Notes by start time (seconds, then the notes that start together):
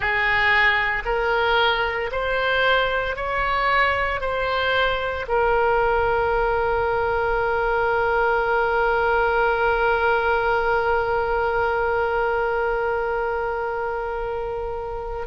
0.00 G#4
1.05 A#4
2.11 C5
3.16 C#5
4.21 C5
5.27 A#4